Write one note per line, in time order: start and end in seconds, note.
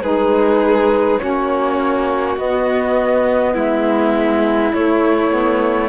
0.00 1.18 G#3
0.00 1.19 D#4
0.00 1.20 G#4
0.00 1.18 B4
1.18 2.37 A#3
1.18 2.37 C#4
1.18 3.53 F#4
1.18 2.36 C#5
2.37 3.54 B3
2.37 4.72 B3
2.37 3.55 D#5
3.53 4.72 G#3
3.53 5.88 E4
3.53 4.73 E5
4.72 5.29 A3
4.72 5.89 A3
4.72 5.89 C#5
5.29 5.88 B3